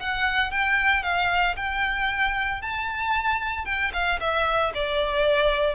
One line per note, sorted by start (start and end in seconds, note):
0.00 0.52 F#5
0.52 1.03 G5
1.03 1.56 F5
1.57 2.62 G5
2.62 3.66 A5
3.66 3.92 G5
3.94 4.20 F5
4.20 4.73 E5
4.75 5.75 D5